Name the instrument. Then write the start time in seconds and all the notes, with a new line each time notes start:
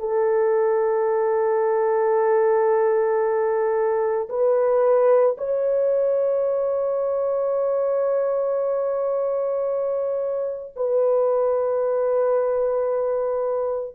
horn
0.00 A4
4.30 B4
5.38 C#5
10.76 B4